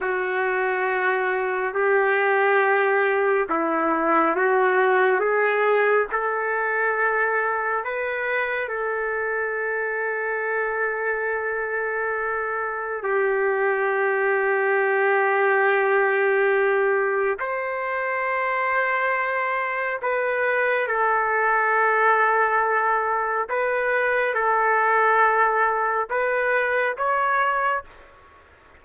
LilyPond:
\new Staff \with { instrumentName = "trumpet" } { \time 4/4 \tempo 4 = 69 fis'2 g'2 | e'4 fis'4 gis'4 a'4~ | a'4 b'4 a'2~ | a'2. g'4~ |
g'1 | c''2. b'4 | a'2. b'4 | a'2 b'4 cis''4 | }